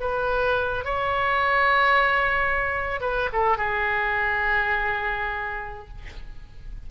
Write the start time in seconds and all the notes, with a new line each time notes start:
0.00 B4
0.85 C#5
3.01 B4
3.33 A4
3.57 G#4